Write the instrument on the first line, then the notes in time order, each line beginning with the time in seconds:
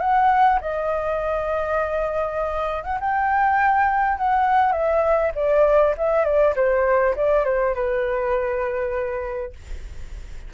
flute
0.00 F#5
0.61 D#5
2.83 F#5
3.00 G5
4.17 F#5
4.72 E5
5.35 D5
5.97 E5
6.24 D5
6.55 C5
7.16 D5
7.44 C5
7.74 B4